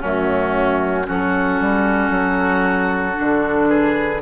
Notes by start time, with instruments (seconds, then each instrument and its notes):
0.00 bassoon F#2, clarinet A3, oboe C#4, flute F#4
1.03 bassoon F#3, clarinet C#4, oboe F#4, flute A4
1.61 bassoon G3
2.10 bassoon F#3
3.13 clarinet D4
3.20 bassoon D3
3.68 oboe G#4, flute B4